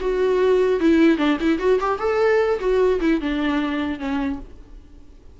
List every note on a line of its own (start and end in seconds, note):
0.00 0.80 F#4
0.80 1.18 E4
1.18 1.38 D4
1.40 1.59 E4
1.59 1.79 F#4
1.80 1.98 G4
1.98 2.59 A4
2.59 3.00 F#4
3.00 3.20 E4
3.20 3.99 D4
3.99 4.39 C#4